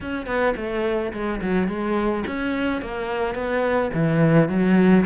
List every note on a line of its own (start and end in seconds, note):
0.00 0.26 C#4
0.26 0.54 B3
0.56 1.12 A3
1.12 1.40 G#3
1.41 1.68 F#3
1.68 2.24 G#3
2.27 2.81 C#4
2.81 3.34 A#3
3.34 3.90 B3
3.93 4.48 E3
4.48 5.04 F#3